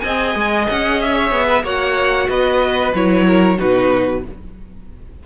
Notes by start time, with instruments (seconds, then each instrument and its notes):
0.00 cello C4, viola G#4, violin D#5 G#5
0.35 cello G#3
0.69 cello C#4, violin F#5
1.01 violin E5
1.14 violin C#5
1.31 cello B3
1.47 violin B4
1.63 cello A#3, viola F#4, violin C#5 F#5
2.28 cello B3, violin B4 D#5
2.94 cello F#3, viola E4, violin C#5
3.27 violin A#4
3.57 cello B2, viola D#4, violin F#4 B4